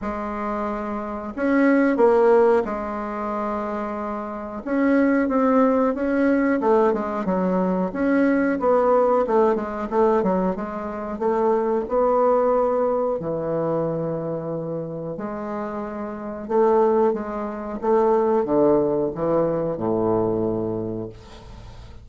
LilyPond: \new Staff \with { instrumentName = "bassoon" } { \time 4/4 \tempo 4 = 91 gis2 cis'4 ais4 | gis2. cis'4 | c'4 cis'4 a8 gis8 fis4 | cis'4 b4 a8 gis8 a8 fis8 |
gis4 a4 b2 | e2. gis4~ | gis4 a4 gis4 a4 | d4 e4 a,2 | }